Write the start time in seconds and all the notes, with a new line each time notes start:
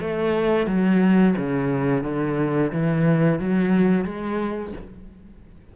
0.00 A3
0.67 F#3
1.37 C#3
2.03 D3
2.72 E3
3.39 F#3
4.04 G#3